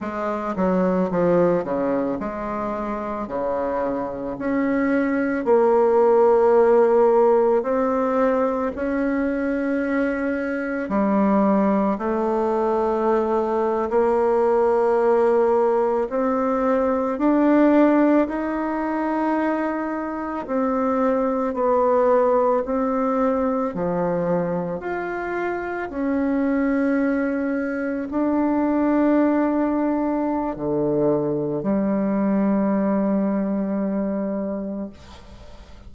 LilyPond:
\new Staff \with { instrumentName = "bassoon" } { \time 4/4 \tempo 4 = 55 gis8 fis8 f8 cis8 gis4 cis4 | cis'4 ais2 c'4 | cis'2 g4 a4~ | a8. ais2 c'4 d'16~ |
d'8. dis'2 c'4 b16~ | b8. c'4 f4 f'4 cis'16~ | cis'4.~ cis'16 d'2~ d'16 | d4 g2. | }